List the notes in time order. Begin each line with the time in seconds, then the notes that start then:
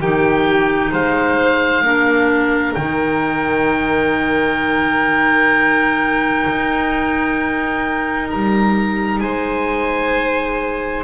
0.00 D#3 D#4 G4 G5
0.92 G#3 C5 F5
1.82 A#3 D4 A#4
2.74 D#3 D#4 G5
6.48 D#4
8.30 G3 A#5
9.20 G#3 C5 G#5